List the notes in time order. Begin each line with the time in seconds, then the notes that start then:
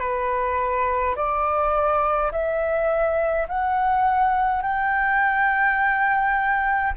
0.00 B4
1.16 D5
2.32 E5
3.49 F#5
4.63 G5